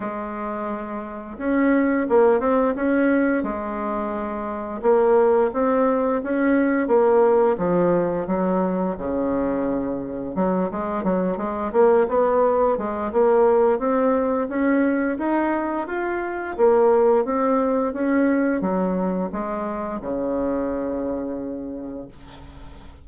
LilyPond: \new Staff \with { instrumentName = "bassoon" } { \time 4/4 \tempo 4 = 87 gis2 cis'4 ais8 c'8 | cis'4 gis2 ais4 | c'4 cis'4 ais4 f4 | fis4 cis2 fis8 gis8 |
fis8 gis8 ais8 b4 gis8 ais4 | c'4 cis'4 dis'4 f'4 | ais4 c'4 cis'4 fis4 | gis4 cis2. | }